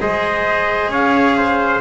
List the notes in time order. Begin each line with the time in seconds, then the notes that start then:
0.00 G#3 G#4 C5 D#5
0.88 C#4 C#5 F5
1.37 C5